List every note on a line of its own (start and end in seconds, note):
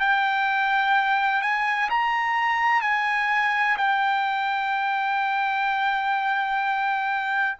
0.00 1.42 G5
1.42 1.90 G#5
1.90 2.82 A#5
2.82 3.77 G#5
3.77 7.58 G5